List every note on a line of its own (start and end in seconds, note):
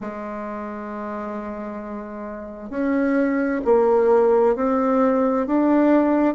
0.00 2.69 G#3
2.69 3.60 C#4
3.64 4.55 A#3
4.55 5.46 C4
5.47 6.34 D4